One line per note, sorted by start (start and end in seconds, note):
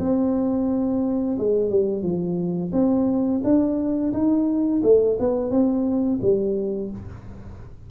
0.00 1.38 C4
1.39 1.70 G#3
1.70 2.03 G3
2.03 2.72 F3
2.73 3.42 C4
3.44 4.13 D4
4.13 4.82 D#4
4.83 5.18 A3
5.20 5.51 B3
5.51 6.20 C4
6.22 6.91 G3